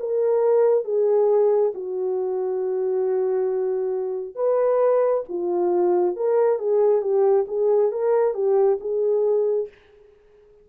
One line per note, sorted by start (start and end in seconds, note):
0.00 0.85 A#4
0.85 1.73 G#4
1.74 4.36 F#4
4.36 5.24 B4
5.29 6.16 F4
6.16 6.59 A#4
6.59 7.02 G#4
7.02 7.46 G4
7.48 7.92 G#4
7.92 8.34 A#4
8.34 8.78 G4
8.80 9.69 G#4